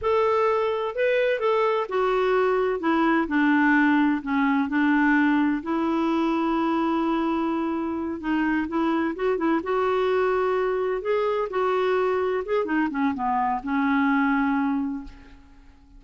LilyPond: \new Staff \with { instrumentName = "clarinet" } { \time 4/4 \tempo 4 = 128 a'2 b'4 a'4 | fis'2 e'4 d'4~ | d'4 cis'4 d'2 | e'1~ |
e'4. dis'4 e'4 fis'8 | e'8 fis'2. gis'8~ | gis'8 fis'2 gis'8 dis'8 cis'8 | b4 cis'2. | }